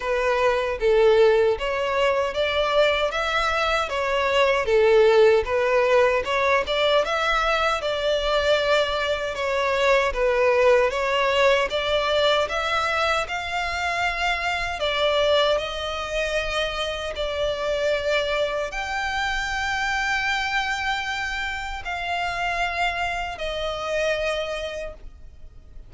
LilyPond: \new Staff \with { instrumentName = "violin" } { \time 4/4 \tempo 4 = 77 b'4 a'4 cis''4 d''4 | e''4 cis''4 a'4 b'4 | cis''8 d''8 e''4 d''2 | cis''4 b'4 cis''4 d''4 |
e''4 f''2 d''4 | dis''2 d''2 | g''1 | f''2 dis''2 | }